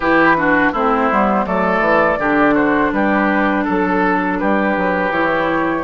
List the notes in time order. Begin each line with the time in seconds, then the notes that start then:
0.00 E3 E4 G4 B4
0.36 D4 F#4
0.72 A3 C4 E4 C5
1.11 G3 B3
1.45 F#3 A3 A4 D5
1.79 E3
2.18 D3 D4 G4
2.54 F#4 C5
2.92 G3 G4 B4
3.64 F#3 A4
4.38 G3 G4 B4
4.76 F#3
5.11 E3 E4 C#5